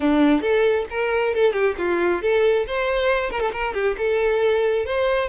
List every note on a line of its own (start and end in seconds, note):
0.00 0.41 D4
0.41 0.85 A4
0.89 1.34 A#4
1.34 1.53 A4
1.53 1.75 G4
1.78 2.21 F4
2.21 2.66 A4
2.67 3.30 C5
3.30 3.40 A#4
3.40 3.51 A4
3.53 3.74 A#4
3.74 3.96 G4
3.97 4.85 A4
4.85 5.29 C5